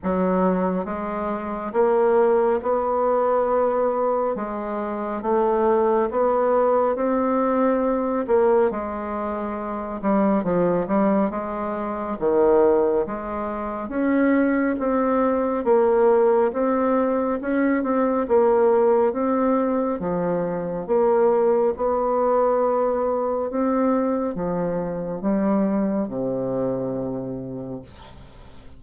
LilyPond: \new Staff \with { instrumentName = "bassoon" } { \time 4/4 \tempo 4 = 69 fis4 gis4 ais4 b4~ | b4 gis4 a4 b4 | c'4. ais8 gis4. g8 | f8 g8 gis4 dis4 gis4 |
cis'4 c'4 ais4 c'4 | cis'8 c'8 ais4 c'4 f4 | ais4 b2 c'4 | f4 g4 c2 | }